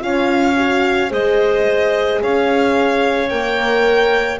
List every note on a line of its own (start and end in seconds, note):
0.00 1.12 C#4
0.00 0.55 F4
0.00 1.11 C#5
0.00 1.12 F5
0.57 1.10 F#4
1.10 2.21 G#3
1.10 3.28 G#4
1.10 2.20 C5
1.10 2.22 D#5
2.23 3.31 C#4
2.23 4.40 C#5
2.23 3.29 F5
3.29 4.40 A#3
3.29 4.40 A#4
3.29 4.38 G5